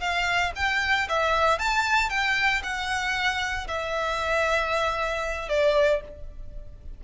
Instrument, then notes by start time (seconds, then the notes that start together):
violin
0.00 F5
0.56 G5
1.09 E5
1.59 A5
2.10 G5
2.63 F#5
3.68 E5
5.49 D5